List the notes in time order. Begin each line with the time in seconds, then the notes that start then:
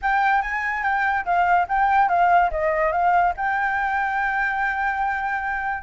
0.02 G5
0.42 G#5
0.83 G5
1.25 F5
1.68 G5
2.09 F5
2.50 D#5
2.92 F5
3.36 G5